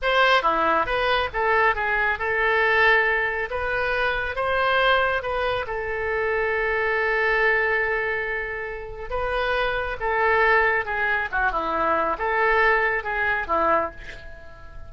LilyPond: \new Staff \with { instrumentName = "oboe" } { \time 4/4 \tempo 4 = 138 c''4 e'4 b'4 a'4 | gis'4 a'2. | b'2 c''2 | b'4 a'2.~ |
a'1~ | a'4 b'2 a'4~ | a'4 gis'4 fis'8 e'4. | a'2 gis'4 e'4 | }